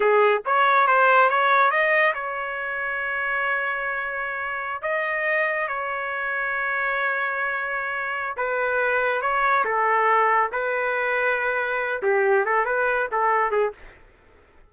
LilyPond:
\new Staff \with { instrumentName = "trumpet" } { \time 4/4 \tempo 4 = 140 gis'4 cis''4 c''4 cis''4 | dis''4 cis''2.~ | cis''2.~ cis''16 dis''8.~ | dis''4~ dis''16 cis''2~ cis''8.~ |
cis''2.~ cis''8 b'8~ | b'4. cis''4 a'4.~ | a'8 b'2.~ b'8 | g'4 a'8 b'4 a'4 gis'8 | }